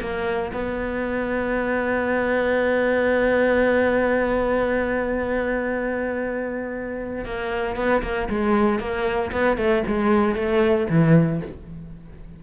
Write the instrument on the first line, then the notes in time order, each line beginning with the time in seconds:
cello
0.00 A#3
0.53 B3
7.24 A#3
7.76 B3
8.02 A#3
8.29 G#3
8.79 A#3
9.32 B3
9.57 A3
9.87 G#3
10.35 A3
10.89 E3